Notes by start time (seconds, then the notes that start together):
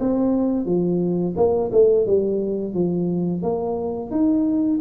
0.00 C4
0.66 F3
1.36 A#3
1.72 A3
2.07 G3
2.74 F3
3.43 A#3
4.11 D#4